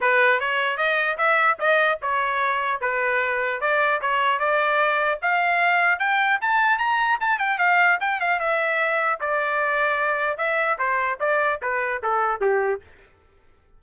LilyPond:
\new Staff \with { instrumentName = "trumpet" } { \time 4/4 \tempo 4 = 150 b'4 cis''4 dis''4 e''4 | dis''4 cis''2 b'4~ | b'4 d''4 cis''4 d''4~ | d''4 f''2 g''4 |
a''4 ais''4 a''8 g''8 f''4 | g''8 f''8 e''2 d''4~ | d''2 e''4 c''4 | d''4 b'4 a'4 g'4 | }